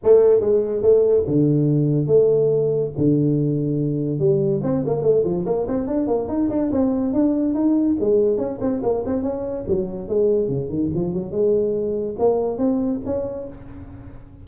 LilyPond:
\new Staff \with { instrumentName = "tuba" } { \time 4/4 \tempo 4 = 143 a4 gis4 a4 d4~ | d4 a2 d4~ | d2 g4 c'8 ais8 | a8 f8 ais8 c'8 d'8 ais8 dis'8 d'8 |
c'4 d'4 dis'4 gis4 | cis'8 c'8 ais8 c'8 cis'4 fis4 | gis4 cis8 dis8 f8 fis8 gis4~ | gis4 ais4 c'4 cis'4 | }